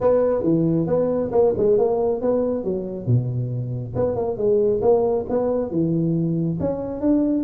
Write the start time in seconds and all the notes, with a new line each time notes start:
0.01 B3
0.43 E3
0.87 B3
1.31 A#3
1.57 G#3
1.78 A#3
2.21 B3
2.64 F#3
3.06 B2
3.95 B3
4.15 A#3
4.37 G#3
4.81 A#3
5.29 B3
5.71 E3
6.60 C#4
7.00 D4